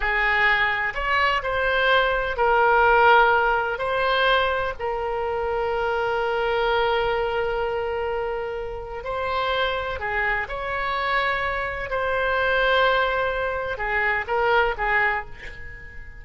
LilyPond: \new Staff \with { instrumentName = "oboe" } { \time 4/4 \tempo 4 = 126 gis'2 cis''4 c''4~ | c''4 ais'2. | c''2 ais'2~ | ais'1~ |
ais'2. c''4~ | c''4 gis'4 cis''2~ | cis''4 c''2.~ | c''4 gis'4 ais'4 gis'4 | }